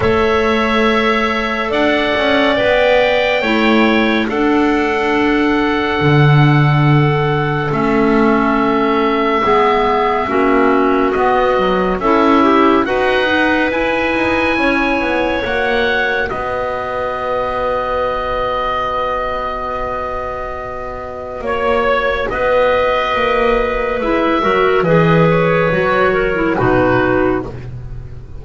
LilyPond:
<<
  \new Staff \with { instrumentName = "oboe" } { \time 4/4 \tempo 4 = 70 e''2 fis''4 g''4~ | g''4 fis''2.~ | fis''4 e''2.~ | e''4 dis''4 e''4 fis''4 |
gis''2 fis''4 dis''4~ | dis''1~ | dis''4 cis''4 dis''2 | e''4 dis''8 cis''4. b'4 | }
  \new Staff \with { instrumentName = "clarinet" } { \time 4/4 cis''2 d''2 | cis''4 a'2.~ | a'2. gis'4 | fis'2 e'4 b'4~ |
b'4 cis''2 b'4~ | b'1~ | b'4 cis''4 b'2~ | b'8 ais'8 b'4. ais'8 fis'4 | }
  \new Staff \with { instrumentName = "clarinet" } { \time 4/4 a'2. b'4 | e'4 d'2.~ | d'4 cis'2 b4 | cis'4 b8 fis8 a'8 g'8 fis'8 dis'8 |
e'2 fis'2~ | fis'1~ | fis'1 | e'8 fis'8 gis'4 fis'8. e'16 dis'4 | }
  \new Staff \with { instrumentName = "double bass" } { \time 4/4 a2 d'8 cis'8 b4 | a4 d'2 d4~ | d4 a2 gis4 | ais4 b4 cis'4 dis'4 |
e'8 dis'8 cis'8 b8 ais4 b4~ | b1~ | b4 ais4 b4 ais4 | gis8 fis8 e4 fis4 b,4 | }
>>